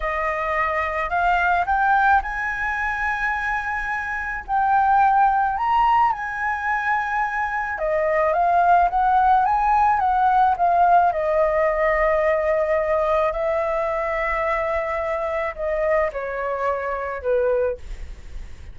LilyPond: \new Staff \with { instrumentName = "flute" } { \time 4/4 \tempo 4 = 108 dis''2 f''4 g''4 | gis''1 | g''2 ais''4 gis''4~ | gis''2 dis''4 f''4 |
fis''4 gis''4 fis''4 f''4 | dis''1 | e''1 | dis''4 cis''2 b'4 | }